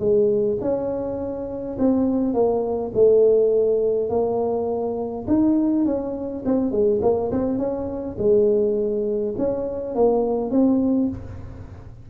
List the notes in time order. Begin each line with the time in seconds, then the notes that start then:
0.00 G#3
0.61 C#4
1.79 C4
2.34 A#3
2.94 A3
4.10 A#3
5.28 D#4
5.86 C#4
6.46 C4
6.72 G#3
7.02 A#3
7.32 C4
7.59 C#4
8.19 G#3
9.38 C#4
9.96 A#3
10.51 C4